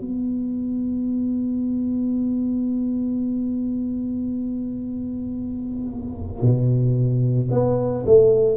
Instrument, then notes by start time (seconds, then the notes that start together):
tuba
0.00 B3
6.41 B2
7.50 B3
8.06 A3